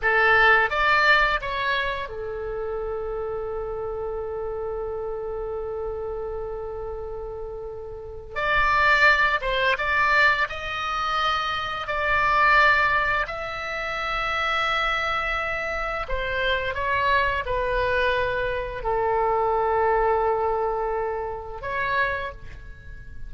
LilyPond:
\new Staff \with { instrumentName = "oboe" } { \time 4/4 \tempo 4 = 86 a'4 d''4 cis''4 a'4~ | a'1~ | a'1 | d''4. c''8 d''4 dis''4~ |
dis''4 d''2 e''4~ | e''2. c''4 | cis''4 b'2 a'4~ | a'2. cis''4 | }